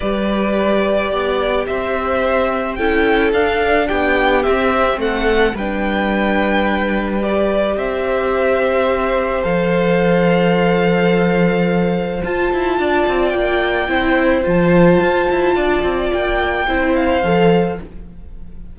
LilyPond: <<
  \new Staff \with { instrumentName = "violin" } { \time 4/4 \tempo 4 = 108 d''2. e''4~ | e''4 g''4 f''4 g''4 | e''4 fis''4 g''2~ | g''4 d''4 e''2~ |
e''4 f''2.~ | f''2 a''2 | g''2 a''2~ | a''4 g''4. f''4. | }
  \new Staff \with { instrumentName = "violin" } { \time 4/4 b'2 d''4 c''4~ | c''4 a'2 g'4~ | g'4 a'4 b'2~ | b'2 c''2~ |
c''1~ | c''2. d''4~ | d''4 c''2. | d''2 c''2 | }
  \new Staff \with { instrumentName = "viola" } { \time 4/4 g'1~ | g'4 e'4 d'2 | c'2 d'2~ | d'4 g'2.~ |
g'4 a'2.~ | a'2 f'2~ | f'4 e'4 f'2~ | f'2 e'4 a'4 | }
  \new Staff \with { instrumentName = "cello" } { \time 4/4 g2 b4 c'4~ | c'4 cis'4 d'4 b4 | c'4 a4 g2~ | g2 c'2~ |
c'4 f2.~ | f2 f'8 e'8 d'8 c'8 | ais4 c'4 f4 f'8 e'8 | d'8 c'8 ais4 c'4 f4 | }
>>